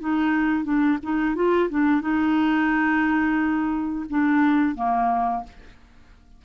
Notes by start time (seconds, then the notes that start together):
0.00 D#4
0.64 D4
1.03 D#4
1.35 F4
1.69 D4
2.01 D#4
4.09 D4
4.75 A#3